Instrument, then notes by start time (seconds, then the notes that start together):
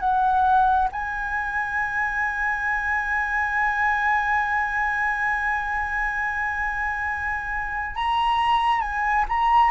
flute
0.00 F#5
0.92 G#5
7.96 A#5
8.81 G#5
9.29 A#5